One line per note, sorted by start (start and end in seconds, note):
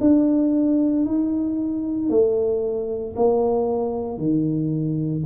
0.00 1.05 D4
1.05 2.10 D#4
2.10 3.15 A3
3.16 4.18 A#3
4.18 5.23 D#3